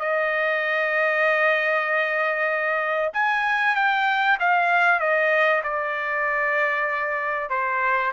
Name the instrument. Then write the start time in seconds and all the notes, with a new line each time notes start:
trumpet
0.00 D#5
3.14 G#5
3.76 G5
4.40 F5
5.00 D#5
5.64 D5
7.50 C5